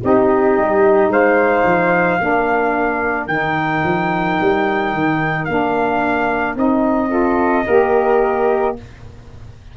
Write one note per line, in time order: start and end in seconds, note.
0.00 0.57 C4
0.00 2.18 D#4
0.00 1.11 G4
0.00 1.12 D#5
0.57 1.07 G3
1.07 1.62 G#3
1.07 2.20 C5
1.07 3.27 F5
1.64 2.18 F3
2.18 3.27 A#3
2.18 3.27 D4
2.18 7.10 A#4
3.27 3.82 D#3
3.27 5.47 D#4
3.27 5.45 G5
3.83 4.38 F3
4.40 4.93 G3
4.93 5.48 D#3
5.45 6.55 A#3
5.45 6.55 D4
5.45 6.54 F5
6.55 7.64 C4
6.55 7.08 D#4
6.55 8.76 D#5
7.08 7.62 F4
7.08 7.64 A4
7.66 8.76 A#3
7.66 8.75 G4
7.66 8.75 A#4